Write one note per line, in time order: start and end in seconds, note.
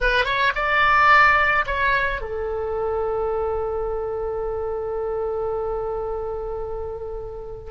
0.00 0.25 B4
0.25 0.52 C#5
0.55 1.65 D5
1.66 2.21 C#5
2.21 7.70 A4